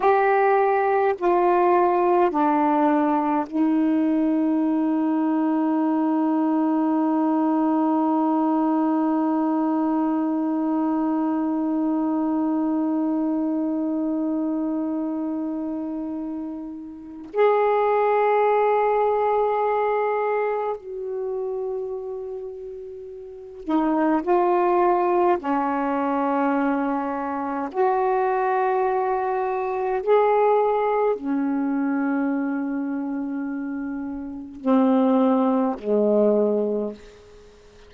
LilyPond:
\new Staff \with { instrumentName = "saxophone" } { \time 4/4 \tempo 4 = 52 g'4 f'4 d'4 dis'4~ | dis'1~ | dis'1~ | dis'2. gis'4~ |
gis'2 fis'2~ | fis'8 dis'8 f'4 cis'2 | fis'2 gis'4 cis'4~ | cis'2 c'4 gis4 | }